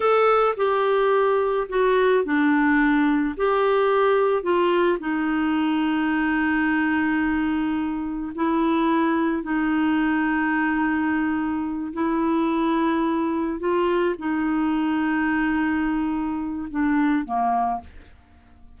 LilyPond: \new Staff \with { instrumentName = "clarinet" } { \time 4/4 \tempo 4 = 108 a'4 g'2 fis'4 | d'2 g'2 | f'4 dis'2.~ | dis'2. e'4~ |
e'4 dis'2.~ | dis'4. e'2~ e'8~ | e'8 f'4 dis'2~ dis'8~ | dis'2 d'4 ais4 | }